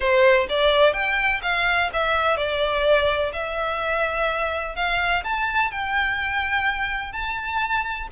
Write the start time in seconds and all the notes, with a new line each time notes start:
0.00 C5
0.49 D5
0.93 G5
1.42 F5
1.93 E5
2.36 D5
3.32 E5
4.75 F5
5.24 A5
5.71 G5
7.12 A5